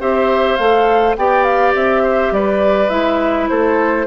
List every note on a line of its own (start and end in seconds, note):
0.00 0.59 C4
0.00 0.58 G4
0.00 1.17 C5
0.00 0.57 E5
0.57 1.17 A3
0.57 1.18 A4
0.57 1.15 F5
1.17 1.75 B3
1.17 2.90 G4
1.17 2.03 D5
1.17 1.44 G5
1.44 1.73 F5
1.75 2.32 C4
1.75 2.33 E5
2.03 2.32 C5
2.32 2.90 G3
2.32 3.50 B4
2.32 2.90 D5
2.90 3.49 G#3
2.90 4.06 E4
2.90 3.48 E5
3.49 4.07 A3
3.49 4.07 A4
3.49 4.07 C5